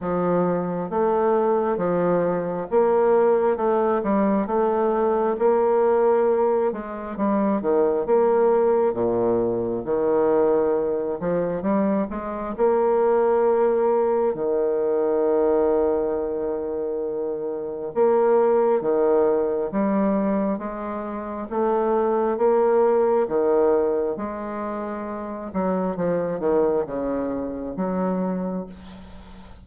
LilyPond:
\new Staff \with { instrumentName = "bassoon" } { \time 4/4 \tempo 4 = 67 f4 a4 f4 ais4 | a8 g8 a4 ais4. gis8 | g8 dis8 ais4 ais,4 dis4~ | dis8 f8 g8 gis8 ais2 |
dis1 | ais4 dis4 g4 gis4 | a4 ais4 dis4 gis4~ | gis8 fis8 f8 dis8 cis4 fis4 | }